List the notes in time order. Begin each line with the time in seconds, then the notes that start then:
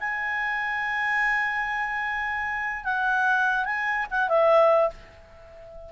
0.00 G#5
2.84 F#5
3.65 G#5
4.10 F#5
4.29 E5